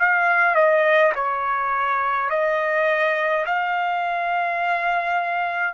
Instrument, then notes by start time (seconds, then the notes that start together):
trumpet
0.00 F5
0.56 D#5
1.15 C#5
2.30 D#5
3.46 F5